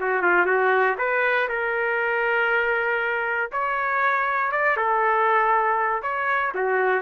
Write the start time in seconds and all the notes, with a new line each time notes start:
0.00 F#4
0.22 F4
0.46 F#4
0.98 B4
1.49 A#4
3.52 C#5
4.51 D5
4.77 A4
6.02 C#5
6.54 F#4